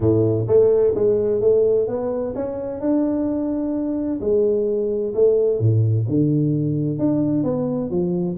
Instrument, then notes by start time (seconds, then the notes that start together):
tuba
0.00 A2
0.47 A3
0.94 G#3
1.41 A3
1.87 B3
2.35 C#4
2.80 D4
4.21 G#3
5.14 A3
5.59 A2
6.08 D3
6.99 D4
7.43 B3
7.90 F3